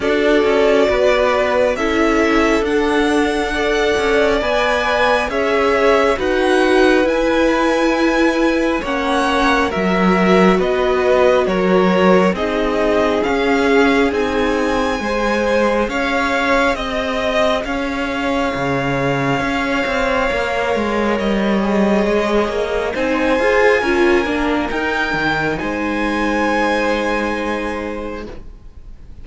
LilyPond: <<
  \new Staff \with { instrumentName = "violin" } { \time 4/4 \tempo 4 = 68 d''2 e''4 fis''4~ | fis''4 gis''4 e''4 fis''4 | gis''2 fis''4 e''4 | dis''4 cis''4 dis''4 f''4 |
gis''2 f''4 dis''4 | f''1 | dis''2 gis''2 | g''4 gis''2. | }
  \new Staff \with { instrumentName = "violin" } { \time 4/4 a'4 b'4 a'2 | d''2 cis''4 b'4~ | b'2 cis''4 ais'4 | b'4 ais'4 gis'2~ |
gis'4 c''4 cis''4 dis''4 | cis''1~ | cis''2 c''4 ais'4~ | ais'4 c''2. | }
  \new Staff \with { instrumentName = "viola" } { \time 4/4 fis'2 e'4 d'4 | a'4 b'4 gis'4 fis'4 | e'2 cis'4 fis'4~ | fis'2 dis'4 cis'4 |
dis'4 gis'2.~ | gis'2. ais'4~ | ais'8 gis'4. dis'8 gis'8 f'8 d'8 | dis'1 | }
  \new Staff \with { instrumentName = "cello" } { \time 4/4 d'8 cis'8 b4 cis'4 d'4~ | d'8 cis'8 b4 cis'4 dis'4 | e'2 ais4 fis4 | b4 fis4 c'4 cis'4 |
c'4 gis4 cis'4 c'4 | cis'4 cis4 cis'8 c'8 ais8 gis8 | g4 gis8 ais8 c'8 f'8 cis'8 ais8 | dis'8 dis8 gis2. | }
>>